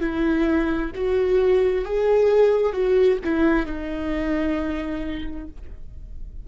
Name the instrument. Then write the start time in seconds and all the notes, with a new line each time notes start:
viola
0.00 E4
0.95 F#4
1.85 G#4
2.73 F#4
3.24 E4
3.66 D#4